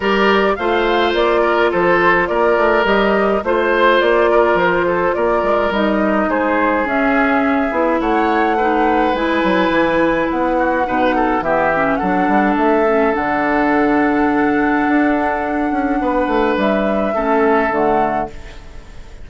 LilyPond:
<<
  \new Staff \with { instrumentName = "flute" } { \time 4/4 \tempo 4 = 105 d''4 f''4 d''4 c''4 | d''4 dis''4 c''4 d''4 | c''4 d''4 dis''4 c''4 | e''2 fis''2 |
gis''2 fis''2 | e''4 fis''4 e''4 fis''4~ | fis''1~ | fis''4 e''2 fis''4 | }
  \new Staff \with { instrumentName = "oboe" } { \time 4/4 ais'4 c''4. ais'8 a'4 | ais'2 c''4. ais'8~ | ais'8 a'8 ais'2 gis'4~ | gis'2 cis''4 b'4~ |
b'2~ b'8 fis'8 b'8 a'8 | g'4 a'2.~ | a'1 | b'2 a'2 | }
  \new Staff \with { instrumentName = "clarinet" } { \time 4/4 g'4 f'2.~ | f'4 g'4 f'2~ | f'2 dis'2 | cis'4. e'4. dis'4 |
e'2. dis'4 | b8 cis'8 d'4. cis'8 d'4~ | d'1~ | d'2 cis'4 a4 | }
  \new Staff \with { instrumentName = "bassoon" } { \time 4/4 g4 a4 ais4 f4 | ais8 a8 g4 a4 ais4 | f4 ais8 gis8 g4 gis4 | cis'4. b8 a2 |
gis8 fis8 e4 b4 b,4 | e4 fis8 g8 a4 d4~ | d2 d'4. cis'8 | b8 a8 g4 a4 d4 | }
>>